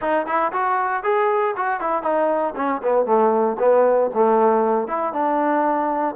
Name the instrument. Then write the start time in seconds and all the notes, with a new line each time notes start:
trombone
0.01 D#4
0.26 E4
0.52 F#4
1.03 G#4
1.56 F#4
1.80 E4
2.02 D#4
2.55 C#4
2.83 B3
3.05 A3
3.59 B3
4.14 A3
4.87 E4
5.12 D4